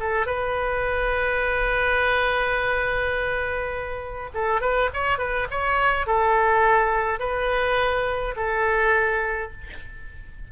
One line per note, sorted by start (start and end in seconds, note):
0.00 0.26 A4
0.26 4.30 B4
4.35 4.61 A4
4.61 4.90 B4
4.93 5.18 C#5
5.18 5.47 B4
5.51 6.07 C#5
6.07 7.20 A4
7.20 8.35 B4
8.36 9.52 A4